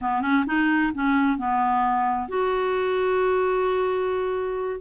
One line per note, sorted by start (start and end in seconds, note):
0.01 0.21 B3
0.21 0.44 C#4
0.46 0.92 D#4
0.94 1.38 C#4
1.38 2.28 B3
2.28 4.80 F#4